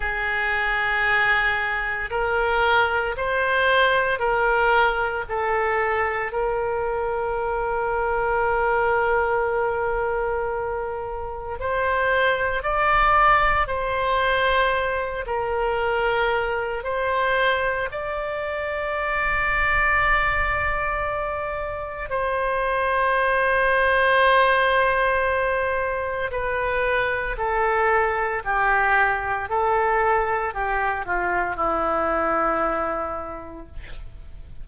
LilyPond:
\new Staff \with { instrumentName = "oboe" } { \time 4/4 \tempo 4 = 57 gis'2 ais'4 c''4 | ais'4 a'4 ais'2~ | ais'2. c''4 | d''4 c''4. ais'4. |
c''4 d''2.~ | d''4 c''2.~ | c''4 b'4 a'4 g'4 | a'4 g'8 f'8 e'2 | }